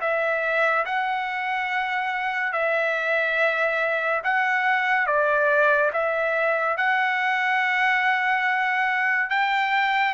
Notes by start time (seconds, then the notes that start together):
0.00 E5
0.85 F#5
2.52 E5
4.24 F#5
5.06 D5
5.93 E5
6.77 F#5
9.30 G5